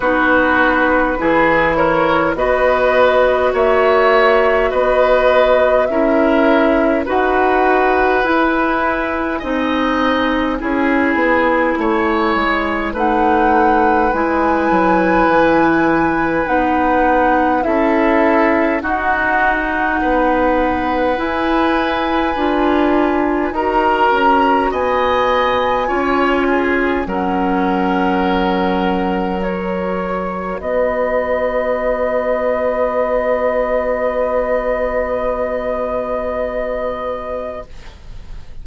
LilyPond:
<<
  \new Staff \with { instrumentName = "flute" } { \time 4/4 \tempo 4 = 51 b'4. cis''8 dis''4 e''4 | dis''4 e''4 fis''4 gis''4~ | gis''2. fis''4 | gis''2 fis''4 e''4 |
fis''2 gis''2 | ais''4 gis''2 fis''4~ | fis''4 cis''4 dis''2~ | dis''1 | }
  \new Staff \with { instrumentName = "oboe" } { \time 4/4 fis'4 gis'8 ais'8 b'4 cis''4 | b'4 ais'4 b'2 | dis''4 gis'4 cis''4 b'4~ | b'2. a'4 |
fis'4 b'2. | ais'4 dis''4 cis''8 gis'8 ais'4~ | ais'2 b'2~ | b'1 | }
  \new Staff \with { instrumentName = "clarinet" } { \time 4/4 dis'4 e'4 fis'2~ | fis'4 e'4 fis'4 e'4 | dis'4 e'2 dis'4 | e'2 dis'4 e'4 |
dis'2 e'4 f'4 | fis'2 f'4 cis'4~ | cis'4 fis'2.~ | fis'1 | }
  \new Staff \with { instrumentName = "bassoon" } { \time 4/4 b4 e4 b4 ais4 | b4 cis'4 dis'4 e'4 | c'4 cis'8 b8 a8 gis8 a4 | gis8 fis8 e4 b4 cis'4 |
dis'4 b4 e'4 d'4 | dis'8 cis'8 b4 cis'4 fis4~ | fis2 b2~ | b1 | }
>>